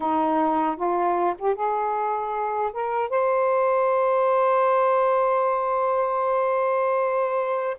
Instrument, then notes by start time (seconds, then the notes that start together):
saxophone
0.00 D#4
0.76 F4
1.38 G4
1.55 G#4
2.73 A#4
3.09 C5